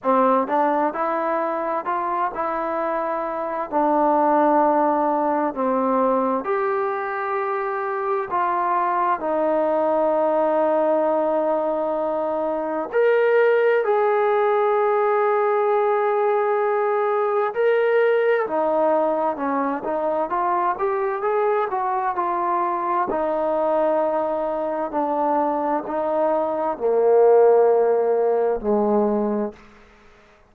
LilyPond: \new Staff \with { instrumentName = "trombone" } { \time 4/4 \tempo 4 = 65 c'8 d'8 e'4 f'8 e'4. | d'2 c'4 g'4~ | g'4 f'4 dis'2~ | dis'2 ais'4 gis'4~ |
gis'2. ais'4 | dis'4 cis'8 dis'8 f'8 g'8 gis'8 fis'8 | f'4 dis'2 d'4 | dis'4 ais2 gis4 | }